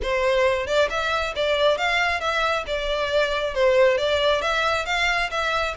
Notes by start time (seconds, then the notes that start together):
0.02 C5
0.66 D5
0.89 E5
1.35 D5
1.77 F5
2.20 E5
2.67 D5
3.54 C5
3.97 D5
4.41 E5
4.85 F5
5.30 E5